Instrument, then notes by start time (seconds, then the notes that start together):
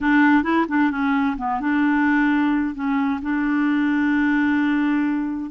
clarinet
0.00 D4
0.43 E4
0.68 D4
0.90 C#4
1.37 B3
1.60 D4
2.74 C#4
3.22 D4